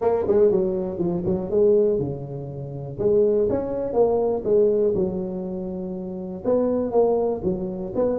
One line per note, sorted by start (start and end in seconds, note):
0.01 0.25 A#3
0.27 0.51 G#3
0.51 0.98 F#3
0.98 1.23 F3
1.25 1.50 F#3
1.50 1.99 G#3
1.99 2.98 C#3
2.99 3.48 G#3
3.49 3.93 C#4
3.93 4.43 A#3
4.44 4.94 G#3
4.94 6.43 F#3
6.44 6.91 B3
6.91 7.41 A#3
7.43 7.92 F#3
7.95 8.18 B3